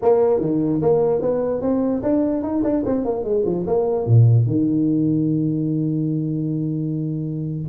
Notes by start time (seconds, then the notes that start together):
0.02 A#3
0.40 D#3
0.81 A#3
1.21 B3
1.61 C4
2.03 D4
2.42 D#4
2.63 D4
2.85 C4
3.04 A#3
3.24 G#3
3.45 F3
3.66 A#3
4.06 A#2
4.46 D#3